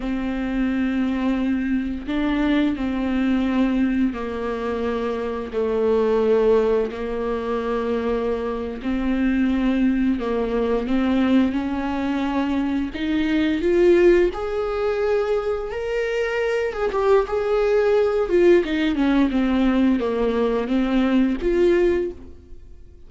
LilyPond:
\new Staff \with { instrumentName = "viola" } { \time 4/4 \tempo 4 = 87 c'2. d'4 | c'2 ais2 | a2 ais2~ | ais8. c'2 ais4 c'16~ |
c'8. cis'2 dis'4 f'16~ | f'8. gis'2 ais'4~ ais'16~ | ais'16 gis'16 g'8 gis'4. f'8 dis'8 cis'8 | c'4 ais4 c'4 f'4 | }